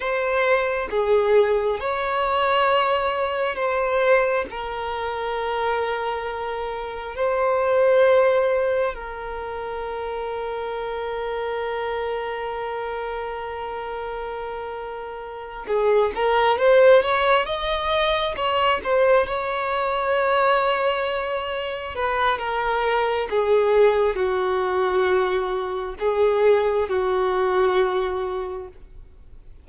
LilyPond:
\new Staff \with { instrumentName = "violin" } { \time 4/4 \tempo 4 = 67 c''4 gis'4 cis''2 | c''4 ais'2. | c''2 ais'2~ | ais'1~ |
ais'4. gis'8 ais'8 c''8 cis''8 dis''8~ | dis''8 cis''8 c''8 cis''2~ cis''8~ | cis''8 b'8 ais'4 gis'4 fis'4~ | fis'4 gis'4 fis'2 | }